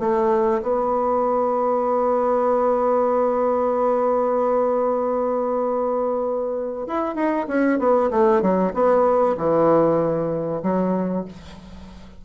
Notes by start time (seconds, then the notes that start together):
0.00 A3
0.63 B3
6.87 E4
7.16 D#4
7.48 C#4
7.80 B3
8.11 A3
8.42 F#3
8.74 B3
9.38 E3
10.63 F#3